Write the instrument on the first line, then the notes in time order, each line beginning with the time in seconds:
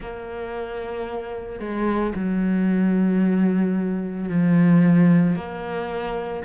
cello
0.00 A#3
1.59 G#3
2.15 F#3
4.29 F3
5.36 A#3